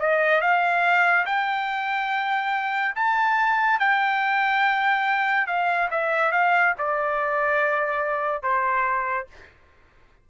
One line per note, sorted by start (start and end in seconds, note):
0.00 0.41 D#5
0.41 1.26 F5
1.26 2.95 G5
2.96 3.80 A5
3.80 5.47 G5
5.47 5.90 F5
5.91 6.32 E5
6.32 6.75 F5
6.79 8.43 D5
8.43 9.28 C5